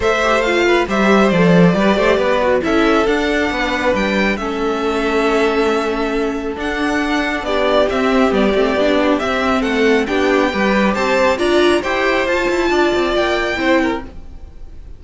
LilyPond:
<<
  \new Staff \with { instrumentName = "violin" } { \time 4/4 \tempo 4 = 137 e''4 f''4 e''4 d''4~ | d''2 e''4 fis''4~ | fis''4 g''4 e''2~ | e''2. fis''4~ |
fis''4 d''4 e''4 d''4~ | d''4 e''4 fis''4 g''4~ | g''4 a''4 ais''4 g''4 | a''2 g''2 | }
  \new Staff \with { instrumentName = "violin" } { \time 4/4 c''4. b'8 c''2 | b'8 c''8 b'4 a'2 | b'2 a'2~ | a'1~ |
a'4 g'2.~ | g'2 a'4 g'4 | b'4 c''4 d''4 c''4~ | c''4 d''2 c''8 ais'8 | }
  \new Staff \with { instrumentName = "viola" } { \time 4/4 a'8 g'8 f'4 g'4 a'4 | g'4. fis'8 e'4 d'4~ | d'2 cis'2~ | cis'2. d'4~ |
d'2 c'4 b8 c'8 | d'4 c'2 d'4 | g'2 f'4 g'4 | f'2. e'4 | }
  \new Staff \with { instrumentName = "cello" } { \time 4/4 a2 g4 f4 | g8 a8 b4 cis'4 d'4 | b4 g4 a2~ | a2. d'4~ |
d'4 b4 c'4 g8 a8 | b4 c'4 a4 b4 | g4 c'4 d'4 e'4 | f'8 e'8 d'8 c'8 ais4 c'4 | }
>>